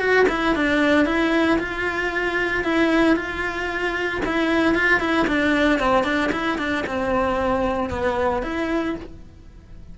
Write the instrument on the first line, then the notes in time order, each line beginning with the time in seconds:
cello
0.00 F#4
0.29 E4
0.56 D4
1.06 E4
1.59 F4
2.64 E4
3.16 F4
4.26 E4
4.75 F4
5.00 E4
5.28 D4
5.80 C4
6.04 D4
6.32 E4
6.58 D4
6.87 C4
7.90 B3
8.43 E4